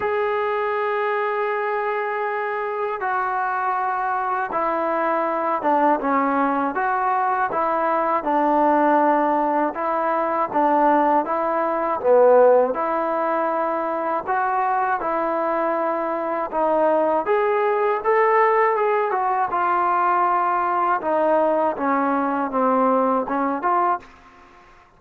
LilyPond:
\new Staff \with { instrumentName = "trombone" } { \time 4/4 \tempo 4 = 80 gis'1 | fis'2 e'4. d'8 | cis'4 fis'4 e'4 d'4~ | d'4 e'4 d'4 e'4 |
b4 e'2 fis'4 | e'2 dis'4 gis'4 | a'4 gis'8 fis'8 f'2 | dis'4 cis'4 c'4 cis'8 f'8 | }